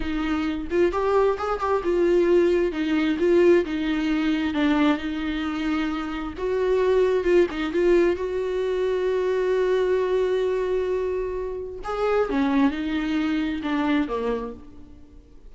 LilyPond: \new Staff \with { instrumentName = "viola" } { \time 4/4 \tempo 4 = 132 dis'4. f'8 g'4 gis'8 g'8 | f'2 dis'4 f'4 | dis'2 d'4 dis'4~ | dis'2 fis'2 |
f'8 dis'8 f'4 fis'2~ | fis'1~ | fis'2 gis'4 cis'4 | dis'2 d'4 ais4 | }